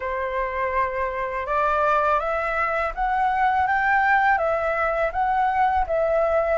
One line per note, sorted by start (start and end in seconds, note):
0.00 1.46 C5
1.46 2.19 D5
2.19 2.92 E5
2.94 3.67 F#5
3.67 4.37 G5
4.37 5.11 E5
5.12 5.85 F#5
5.87 6.58 E5